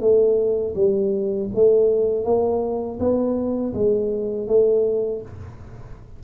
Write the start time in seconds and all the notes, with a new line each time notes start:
0.00 A3
0.75 G3
1.55 A3
2.25 A#3
2.99 B3
3.74 G#3
4.48 A3